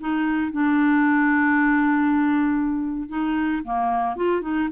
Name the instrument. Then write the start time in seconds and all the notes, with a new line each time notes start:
clarinet
0.00 D#4
0.52 D4
3.09 D#4
3.64 A#3
4.16 F4
4.41 D#4